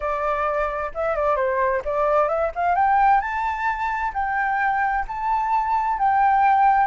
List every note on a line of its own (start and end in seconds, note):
0.00 0.91 D5
0.94 1.15 E5
1.15 1.36 D5
1.36 1.82 C5
1.84 2.28 D5
2.28 2.51 E5
2.55 2.75 F5
2.75 3.20 G5
3.20 4.12 A5
4.13 5.05 G5
5.07 5.98 A5
5.98 6.87 G5